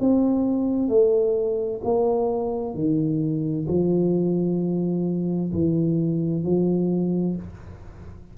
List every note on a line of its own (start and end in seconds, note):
0.00 0.89 C4
0.89 1.81 A3
1.84 2.75 A#3
2.75 3.67 D#3
3.68 5.53 F3
5.53 6.44 E3
6.44 7.36 F3